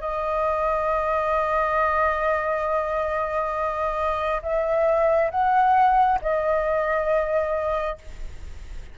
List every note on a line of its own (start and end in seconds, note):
0.00 4.41 D#5
4.42 5.30 E5
5.31 6.19 F#5
6.22 7.98 D#5